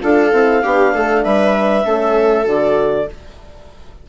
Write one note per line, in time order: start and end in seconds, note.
0.00 0.33 D4
0.00 0.31 F4
0.00 0.63 A4
0.00 1.24 F5
0.33 0.64 C4
0.33 0.62 E4
0.62 0.94 B3
0.62 1.84 D4
0.62 0.94 G4
0.94 1.25 A3
0.94 1.25 A4
1.24 1.85 G3
1.24 1.85 B4
1.24 2.46 E5
1.84 2.46 A3
1.84 2.45 C#4
1.84 3.08 A4
2.45 3.08 D3
2.45 3.06 F#4
2.45 3.10 D5